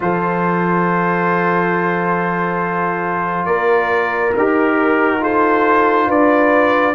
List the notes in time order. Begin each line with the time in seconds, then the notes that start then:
0.00 F3 F4 A4 C5
3.45 A#3 A#4 D5
4.36 D#4 G4 A#4
5.20 F4 A4 C5
6.07 D4 B4 D5